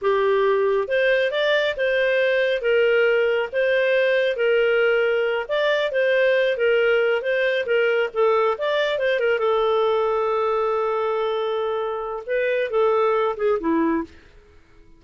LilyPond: \new Staff \with { instrumentName = "clarinet" } { \time 4/4 \tempo 4 = 137 g'2 c''4 d''4 | c''2 ais'2 | c''2 ais'2~ | ais'8 d''4 c''4. ais'4~ |
ais'8 c''4 ais'4 a'4 d''8~ | d''8 c''8 ais'8 a'2~ a'8~ | a'1 | b'4 a'4. gis'8 e'4 | }